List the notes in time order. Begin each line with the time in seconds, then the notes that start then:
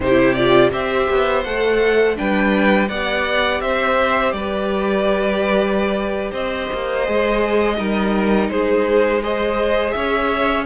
0.00 C3 E4 G4 C5
0.34 F4 D5
0.71 C4 G4 C5 E5
1.09 B3
1.43 A3 A4 F#5
2.15 G3 D4 B4 G5
2.88 B3 G4 D5 F#5
3.60 C4 C5 E5
4.32 G3 B4 D5
6.31 C4 C5 D#5
6.72 A#3
7.05 G#3 G#4
7.77 G3 D#4 A#4
8.49 G#3 G#4 C5
9.23 G#4 C5 D#5
9.91 C#4 C#5 E5